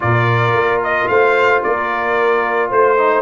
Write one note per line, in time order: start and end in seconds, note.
0.00 0.53 A#2
0.00 2.96 F4
0.00 1.09 A#4
0.00 0.81 D5
0.53 1.07 A#3
0.83 1.08 D#5
1.08 1.62 A3
1.08 1.63 C5
1.08 1.62 F5
1.63 2.71 A#3
1.63 2.69 A#4
1.63 2.71 D5
2.69 3.21 A3
2.69 3.21 C5
2.97 3.21 D#4